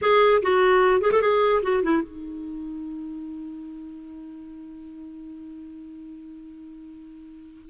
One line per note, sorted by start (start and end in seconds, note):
0.01 0.42 G#4
0.42 1.01 F#4
1.01 1.11 G#4
1.11 1.21 A4
1.21 1.62 G#4
1.62 1.83 F#4
1.83 2.02 E4
2.02 7.69 D#4